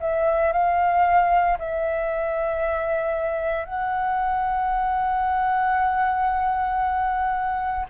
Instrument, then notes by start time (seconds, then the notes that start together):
flute
0.00 E5
0.52 F5
1.58 E5
3.65 F#5